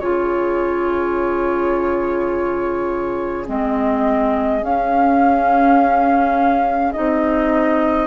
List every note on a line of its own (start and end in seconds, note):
0.00 3.47 C#3
0.00 3.46 F4
0.00 8.07 G#4
0.00 3.46 C#5
3.46 4.62 G#3
3.46 4.61 C4
3.46 4.63 D#5
4.62 6.93 C#4
4.62 6.94 C#4
4.62 6.92 F5
6.92 8.07 C4
6.92 8.07 D#4
6.92 8.07 D#5